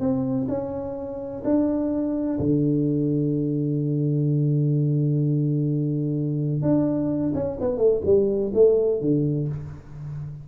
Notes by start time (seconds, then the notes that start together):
0.00 C4
0.49 C#4
1.44 D4
2.39 D3
6.62 D4
7.34 C#4
7.60 B3
7.78 A3
8.05 G3
8.54 A3
9.01 D3